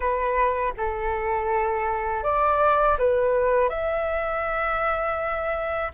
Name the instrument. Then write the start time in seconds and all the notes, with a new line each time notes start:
flute
0.00 B4
0.77 A4
2.23 D5
2.98 B4
3.69 E5